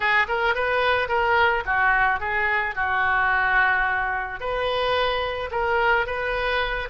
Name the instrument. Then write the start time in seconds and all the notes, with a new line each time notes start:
oboe
0.00 G#4
0.28 A#4
0.54 B4
1.08 A#4
1.65 F#4
2.20 G#4
2.75 F#4
4.40 B4
5.51 A#4
6.06 B4